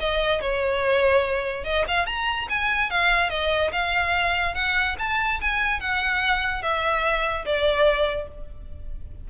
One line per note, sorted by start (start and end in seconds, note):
0.00 0.41 D#5
0.41 1.64 C#5
1.64 1.85 D#5
1.88 2.06 F5
2.06 2.48 A#5
2.49 2.90 G#5
2.90 3.30 F5
3.30 3.71 D#5
3.72 4.55 F5
4.55 4.96 F#5
4.99 5.40 A5
5.41 5.80 G#5
5.80 6.62 F#5
6.62 7.45 E5
7.45 8.28 D5